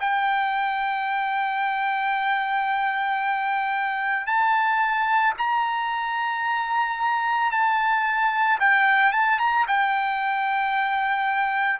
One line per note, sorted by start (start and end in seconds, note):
0.00 4.27 G5
4.27 5.33 A5
5.38 7.51 A#5
7.51 8.59 A5
8.60 9.12 G5
9.12 9.39 A5
9.39 9.66 A#5
9.68 11.80 G5